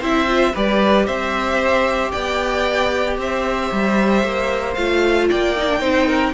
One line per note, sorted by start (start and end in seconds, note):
0.00 0.54 C4
0.00 0.28 E4
0.00 0.53 C5
0.00 0.56 E5
0.28 0.54 F4
0.54 1.08 G3
0.54 4.76 G4
0.54 1.07 B4
0.54 1.06 D5
1.06 2.13 C4
1.06 2.12 C5
1.06 2.12 E5
2.12 3.18 B3
2.12 3.18 D5
2.12 3.17 G5
3.18 3.71 C4
3.18 5.30 C5
3.18 4.75 E5
3.72 4.24 G3
4.24 4.77 A#3
4.75 5.30 A3
4.75 5.57 F4
4.75 5.27 F5
5.30 5.81 A#3
5.30 5.81 D5
5.30 6.35 G5
5.57 5.70 D#4
5.70 5.80 D4
5.80 6.34 C4
5.80 6.32 D#4
5.80 6.07 C5
6.07 6.33 A#4